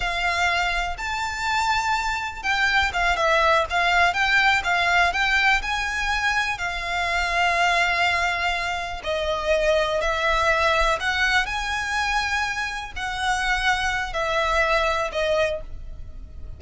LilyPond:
\new Staff \with { instrumentName = "violin" } { \time 4/4 \tempo 4 = 123 f''2 a''2~ | a''4 g''4 f''8 e''4 f''8~ | f''8 g''4 f''4 g''4 gis''8~ | gis''4. f''2~ f''8~ |
f''2~ f''8 dis''4.~ | dis''8 e''2 fis''4 gis''8~ | gis''2~ gis''8 fis''4.~ | fis''4 e''2 dis''4 | }